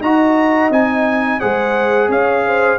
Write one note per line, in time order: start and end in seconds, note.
0.00 0.70 D#4
0.00 0.72 F#4
0.00 1.39 D#5
0.00 0.71 A#5
0.70 1.39 C4
0.70 1.40 D#4
0.70 1.39 G#5
1.39 2.08 G#3
1.39 2.78 G#4
1.39 2.08 C5
1.39 2.09 F#5
2.08 2.78 C#4
2.08 2.44 C#5
2.08 2.78 F5
2.45 2.78 C5